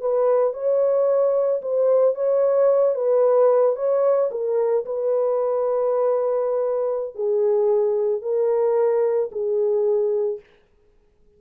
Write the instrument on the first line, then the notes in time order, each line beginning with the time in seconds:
horn
0.00 B4
0.53 C#5
1.62 C5
2.15 C#5
2.95 B4
3.76 C#5
4.31 A#4
4.85 B4
7.15 G#4
8.22 A#4
9.32 G#4